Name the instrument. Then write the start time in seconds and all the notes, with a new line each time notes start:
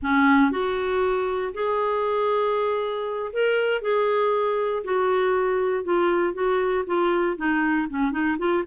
clarinet
0.02 C#4
0.51 F#4
1.53 G#4
3.32 A#4
3.81 G#4
4.84 F#4
5.83 F4
6.33 F#4
6.86 F4
7.36 D#4
7.89 C#4
8.11 D#4
8.38 F4